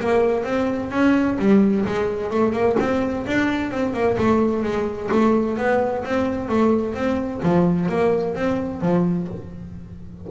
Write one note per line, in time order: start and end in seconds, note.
0.00 0.44 A#3
0.44 0.90 C4
0.91 1.37 C#4
1.38 1.85 G3
1.85 2.30 G#3
2.30 2.53 A3
2.53 2.76 A#3
2.79 3.26 C4
3.26 3.71 D4
3.71 3.93 C4
3.93 4.17 A#3
4.17 4.63 A3
4.63 5.10 G#3
5.11 5.58 A3
5.58 6.04 B3
6.05 6.49 C4
6.49 6.94 A3
6.94 7.41 C4
7.43 7.89 F3
7.89 8.35 A#3
8.35 8.81 C4
8.81 9.27 F3